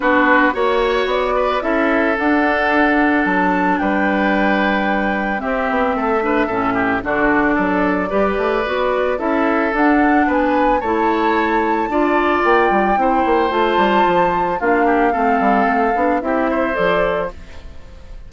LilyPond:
<<
  \new Staff \with { instrumentName = "flute" } { \time 4/4 \tempo 4 = 111 b'4 cis''4 d''4 e''4 | fis''2 a''4 g''4~ | g''2 e''2~ | e''4 d''2.~ |
d''4 e''4 fis''4 gis''4 | a''2. g''4~ | g''4 a''2 f''4~ | f''2 e''4 d''4 | }
  \new Staff \with { instrumentName = "oboe" } { \time 4/4 fis'4 cis''4. b'8 a'4~ | a'2. b'4~ | b'2 g'4 a'8 b'8 | a'8 g'8 fis'4 a'4 b'4~ |
b'4 a'2 b'4 | cis''2 d''2 | c''2. f'8 g'8 | a'2 g'8 c''4. | }
  \new Staff \with { instrumentName = "clarinet" } { \time 4/4 d'4 fis'2 e'4 | d'1~ | d'2 c'4. d'8 | cis'4 d'2 g'4 |
fis'4 e'4 d'2 | e'2 f'2 | e'4 f'2 d'4 | c'4. d'8 e'4 a'4 | }
  \new Staff \with { instrumentName = "bassoon" } { \time 4/4 b4 ais4 b4 cis'4 | d'2 fis4 g4~ | g2 c'8 b8 a4 | a,4 d4 fis4 g8 a8 |
b4 cis'4 d'4 b4 | a2 d'4 ais8 g8 | c'8 ais8 a8 g8 f4 ais4 | a8 g8 a8 b8 c'4 f4 | }
>>